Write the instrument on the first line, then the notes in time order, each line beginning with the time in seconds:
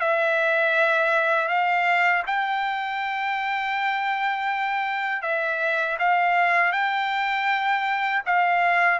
trumpet
0.00 E5
1.48 F5
2.26 G5
5.22 E5
5.99 F5
6.72 G5
8.26 F5